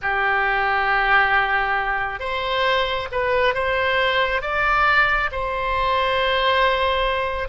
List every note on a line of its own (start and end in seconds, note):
0.02 2.19 G4
2.19 3.08 C5
3.11 3.54 B4
3.54 4.41 C5
4.41 5.29 D5
5.31 7.48 C5